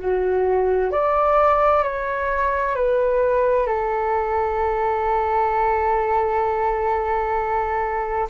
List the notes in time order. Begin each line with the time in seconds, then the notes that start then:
0.00 F#4
0.92 D5
1.84 C#5
2.76 B4
3.67 A4